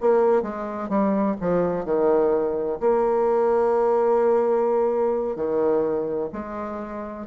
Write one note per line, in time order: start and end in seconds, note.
0.00 0.42 A#3
0.42 0.89 G#3
0.89 1.36 G3
1.40 1.85 F3
1.85 2.79 D#3
2.80 5.36 A#3
5.36 6.29 D#3
6.32 7.26 G#3